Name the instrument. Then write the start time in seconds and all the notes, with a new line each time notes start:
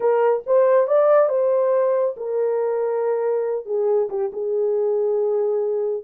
horn
0.00 A#4
0.46 C5
0.87 D5
1.28 C5
2.17 A#4
3.65 G#4
4.09 G4
4.32 G#4